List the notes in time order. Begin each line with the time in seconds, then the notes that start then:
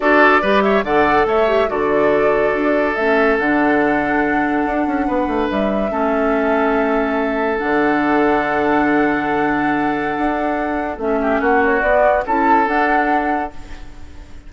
0.00 D4 F#4 A4 D5
0.41 G3 G4 B4
0.62 C#5 E5
0.83 D3 A4 D5 F#5
1.25 A3 C#5 E5
1.47 G4
1.67 D3 F#4 A4 D5
2.53 D4
2.94 A3 C#4 E5
3.38 D3 D4 F#5
4.65 D4
4.86 C#4
5.07 B3 B4
5.27 A3
5.48 G3 E5
5.89 A3 C#4 A4
7.57 D3 D4 F#5
10.18 D4
10.97 A3 C#4 E5
11.21 G4
11.40 A#3 F#4 F#5
11.64 C#5
11.81 B3 D5
12.26 C#4 E4 A4 A5
12.66 D4 F#5